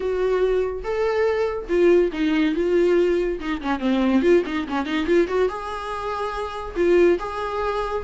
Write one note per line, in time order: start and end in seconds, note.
0.00 0.83 F#4
0.83 1.68 A4
1.69 2.11 F4
2.12 2.54 D#4
2.55 3.39 F4
3.40 3.61 D#4
3.61 3.79 C#4
3.79 4.22 C4
4.22 4.43 F4
4.46 4.67 D#4
4.68 4.85 C#4
4.85 5.06 D#4
5.06 5.27 F4
5.27 5.48 F#4
5.48 6.75 G#4
6.76 7.18 F4
7.19 8.03 G#4